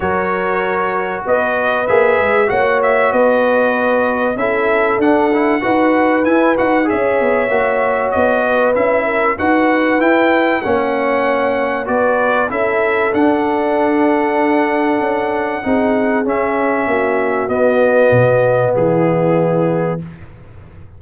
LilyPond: <<
  \new Staff \with { instrumentName = "trumpet" } { \time 4/4 \tempo 4 = 96 cis''2 dis''4 e''4 | fis''8 e''8 dis''2 e''4 | fis''2 gis''8 fis''8 e''4~ | e''4 dis''4 e''4 fis''4 |
g''4 fis''2 d''4 | e''4 fis''2.~ | fis''2 e''2 | dis''2 gis'2 | }
  \new Staff \with { instrumentName = "horn" } { \time 4/4 ais'2 b'2 | cis''4 b'2 a'4~ | a'4 b'2 cis''4~ | cis''4. b'4 ais'8 b'4~ |
b'4 cis''2 b'4 | a'1~ | a'4 gis'2 fis'4~ | fis'2 e'2 | }
  \new Staff \with { instrumentName = "trombone" } { \time 4/4 fis'2. gis'4 | fis'2. e'4 | d'8 e'8 fis'4 e'8 fis'8 gis'4 | fis'2 e'4 fis'4 |
e'4 cis'2 fis'4 | e'4 d'2.~ | d'4 dis'4 cis'2 | b1 | }
  \new Staff \with { instrumentName = "tuba" } { \time 4/4 fis2 b4 ais8 gis8 | ais4 b2 cis'4 | d'4 dis'4 e'8 dis'8 cis'8 b8 | ais4 b4 cis'4 dis'4 |
e'4 ais2 b4 | cis'4 d'2. | cis'4 c'4 cis'4 ais4 | b4 b,4 e2 | }
>>